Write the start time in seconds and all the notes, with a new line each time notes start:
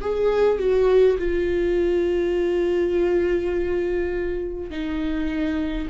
0.00 G#4
0.58 F#4
1.18 F4
4.70 D#4